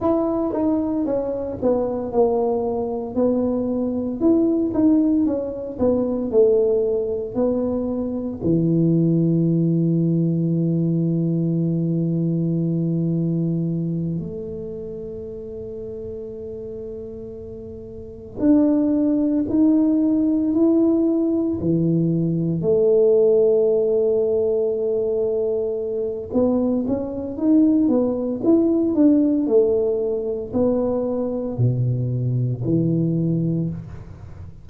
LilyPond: \new Staff \with { instrumentName = "tuba" } { \time 4/4 \tempo 4 = 57 e'8 dis'8 cis'8 b8 ais4 b4 | e'8 dis'8 cis'8 b8 a4 b4 | e1~ | e4. a2~ a8~ |
a4. d'4 dis'4 e'8~ | e'8 e4 a2~ a8~ | a4 b8 cis'8 dis'8 b8 e'8 d'8 | a4 b4 b,4 e4 | }